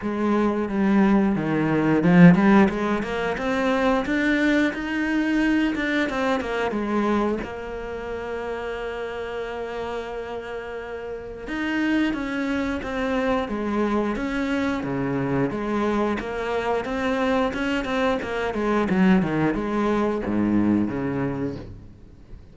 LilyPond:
\new Staff \with { instrumentName = "cello" } { \time 4/4 \tempo 4 = 89 gis4 g4 dis4 f8 g8 | gis8 ais8 c'4 d'4 dis'4~ | dis'8 d'8 c'8 ais8 gis4 ais4~ | ais1~ |
ais4 dis'4 cis'4 c'4 | gis4 cis'4 cis4 gis4 | ais4 c'4 cis'8 c'8 ais8 gis8 | fis8 dis8 gis4 gis,4 cis4 | }